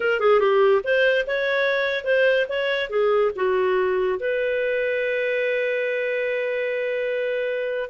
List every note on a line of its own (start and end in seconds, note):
0.00 0.20 A#4
0.20 0.40 G#4
0.40 0.81 G4
0.84 1.25 C5
1.26 2.04 C#5
2.04 2.46 C5
2.48 2.89 C#5
2.89 3.31 G#4
3.35 4.19 F#4
4.19 7.90 B4